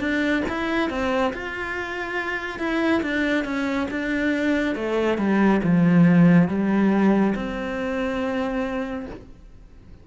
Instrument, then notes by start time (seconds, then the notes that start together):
cello
0.00 D4
0.49 E4
0.90 C4
1.34 F4
2.59 E4
3.02 D4
3.45 C#4
3.90 D4
4.76 A3
5.18 G3
5.63 F3
6.48 G3
7.35 C4